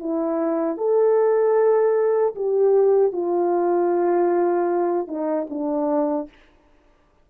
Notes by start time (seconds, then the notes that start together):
0.00 E4
0.78 A4
2.35 G4
3.13 F4
5.08 D#4
5.50 D4